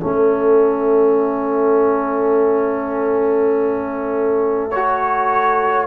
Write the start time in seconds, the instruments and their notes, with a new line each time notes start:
0.00 tuba A3, trombone C#4, horn A4, trumpet E5
4.70 trombone F#4, trumpet C#5